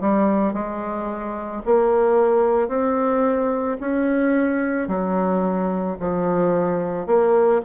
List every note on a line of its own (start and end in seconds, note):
0.00 0.53 G3
0.53 1.62 G#3
1.65 2.68 A#3
2.68 3.77 C4
3.80 4.87 C#4
4.87 5.97 F#3
5.99 7.06 F3
7.06 7.61 A#3